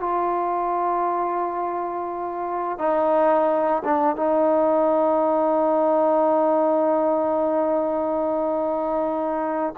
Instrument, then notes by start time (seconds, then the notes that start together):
trombone
0.00 F4
2.78 D#4
3.84 D4
4.16 D#4